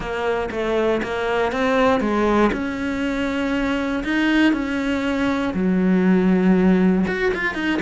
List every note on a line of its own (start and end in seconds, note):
0.00 0.49 A#3
0.51 1.01 A3
1.02 1.52 A#3
1.52 2.00 C4
2.00 2.50 G#3
2.52 4.03 C#4
4.03 4.52 D#4
4.52 5.53 C#4
5.54 7.05 F#3
7.07 7.32 F#4
7.33 7.54 F4
7.54 7.79 D#4